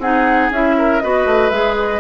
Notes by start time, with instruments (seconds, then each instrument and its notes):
0.00 bassoon C4, clarinet D#4, oboe G#4, flute F#5
0.51 bassoon C#4, clarinet E4, flute E5
0.78 oboe A#4
1.00 bassoon B3, clarinet F#4, oboe B4, flute D#5
1.26 bassoon A3
1.50 bassoon G#3, clarinet G#4, flute E5
1.79 flute D#5